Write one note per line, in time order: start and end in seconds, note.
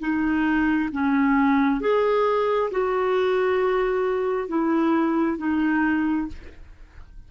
0.00 0.90 D#4
0.92 1.81 C#4
1.81 2.71 G#4
2.71 4.48 F#4
4.48 5.38 E4
5.38 6.27 D#4